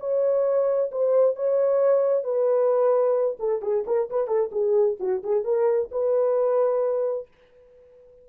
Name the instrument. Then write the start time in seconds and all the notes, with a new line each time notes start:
horn
0.00 C#5
0.92 C5
1.36 C#5
2.24 B4
3.39 A4
3.62 G#4
3.87 A#4
4.10 B4
4.28 A4
4.52 G#4
5.00 F#4
5.24 G#4
5.44 A#4
5.92 B4